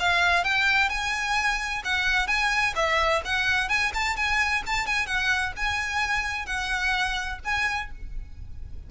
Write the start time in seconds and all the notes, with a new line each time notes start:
0.00 F5
0.44 G5
0.90 G#5
1.85 F#5
2.28 G#5
2.76 E5
3.25 F#5
3.69 G#5
3.95 A5
4.17 G#5
4.67 A5
4.87 G#5
5.07 F#5
5.57 G#5
6.47 F#5
7.45 G#5